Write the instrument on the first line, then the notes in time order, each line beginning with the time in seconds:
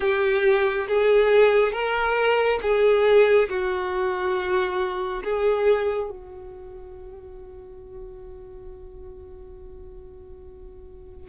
violin
0.00 G4
0.88 G#4
1.72 A#4
2.61 G#4
3.49 F#4
5.23 G#4
6.09 F#4